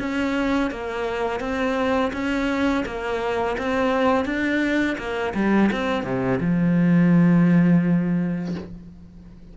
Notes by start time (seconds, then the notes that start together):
0.00 C#4
0.71 A#3
1.40 C4
2.13 C#4
2.86 A#3
3.58 C4
4.26 D4
4.98 A#3
5.35 G3
5.72 C4
6.04 C3
6.41 F3